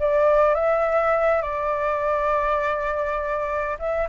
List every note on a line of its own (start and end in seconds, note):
0.00 0.55 D5
0.55 1.43 E5
1.43 3.78 D5
3.79 4.09 E5